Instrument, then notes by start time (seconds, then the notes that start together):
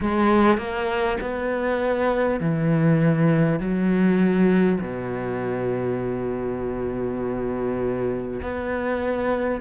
cello
0.00 G#3
0.57 A#3
1.20 B3
2.40 E3
3.59 F#3
4.80 B2
8.42 B3